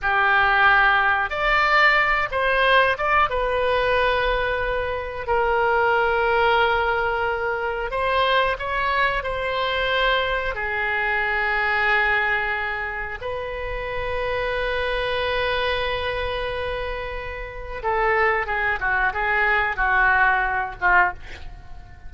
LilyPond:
\new Staff \with { instrumentName = "oboe" } { \time 4/4 \tempo 4 = 91 g'2 d''4. c''8~ | c''8 d''8 b'2. | ais'1 | c''4 cis''4 c''2 |
gis'1 | b'1~ | b'2. a'4 | gis'8 fis'8 gis'4 fis'4. f'8 | }